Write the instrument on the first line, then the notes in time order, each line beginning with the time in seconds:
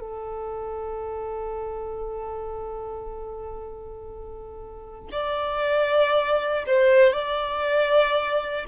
violin
0.00 A4
5.12 D5
6.67 C5
7.13 D5